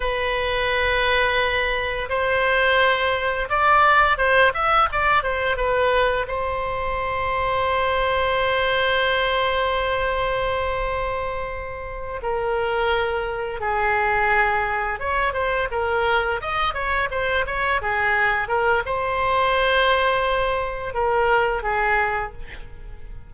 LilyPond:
\new Staff \with { instrumentName = "oboe" } { \time 4/4 \tempo 4 = 86 b'2. c''4~ | c''4 d''4 c''8 e''8 d''8 c''8 | b'4 c''2.~ | c''1~ |
c''4. ais'2 gis'8~ | gis'4. cis''8 c''8 ais'4 dis''8 | cis''8 c''8 cis''8 gis'4 ais'8 c''4~ | c''2 ais'4 gis'4 | }